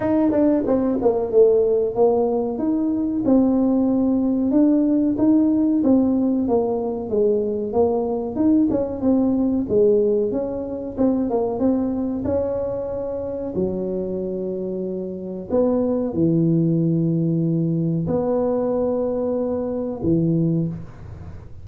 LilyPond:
\new Staff \with { instrumentName = "tuba" } { \time 4/4 \tempo 4 = 93 dis'8 d'8 c'8 ais8 a4 ais4 | dis'4 c'2 d'4 | dis'4 c'4 ais4 gis4 | ais4 dis'8 cis'8 c'4 gis4 |
cis'4 c'8 ais8 c'4 cis'4~ | cis'4 fis2. | b4 e2. | b2. e4 | }